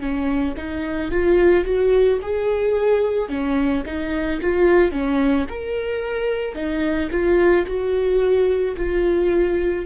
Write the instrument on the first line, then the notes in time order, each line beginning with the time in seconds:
viola
0.00 C#4
0.57 D#4
1.12 F4
1.65 F#4
2.22 G#4
3.29 C#4
3.86 D#4
4.41 F4
4.92 C#4
5.49 A#4
6.55 D#4
7.12 F4
7.67 F#4
8.77 F4